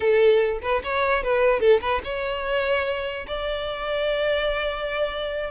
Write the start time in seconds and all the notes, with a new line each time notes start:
0.00 A4
0.62 B4
0.83 C#5
1.23 B4
1.60 A4
1.81 B4
2.04 C#5
3.27 D5